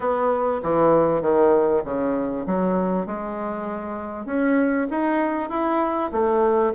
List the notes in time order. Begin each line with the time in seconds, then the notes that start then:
0.00 B3
0.63 E3
1.21 D#3
1.84 C#3
2.46 F#3
3.06 G#3
4.26 C#4
4.90 D#4
5.49 E4
6.11 A3